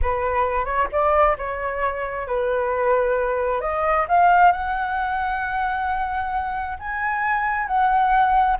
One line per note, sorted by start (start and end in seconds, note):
0.02 0.65 B4
0.65 0.87 C#5
0.91 1.37 D5
1.38 2.27 C#5
2.27 3.60 B4
3.60 4.06 D#5
4.08 4.52 F5
4.52 6.77 F#5
6.79 7.67 G#5
7.67 8.57 F#5